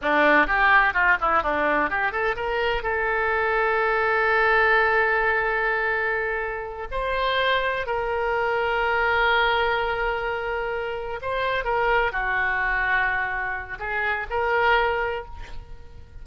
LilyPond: \new Staff \with { instrumentName = "oboe" } { \time 4/4 \tempo 4 = 126 d'4 g'4 f'8 e'8 d'4 | g'8 a'8 ais'4 a'2~ | a'1~ | a'2~ a'8 c''4.~ |
c''8 ais'2.~ ais'8~ | ais'2.~ ais'8 c''8~ | c''8 ais'4 fis'2~ fis'8~ | fis'4 gis'4 ais'2 | }